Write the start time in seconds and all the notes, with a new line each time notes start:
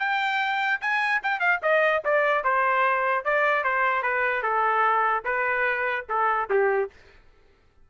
0.00 G5
0.82 G#5
1.23 G5
1.40 F5
1.63 D#5
2.05 D5
2.44 C5
3.25 D5
3.64 C5
4.03 B4
4.43 A4
5.25 B4
6.09 A4
6.50 G4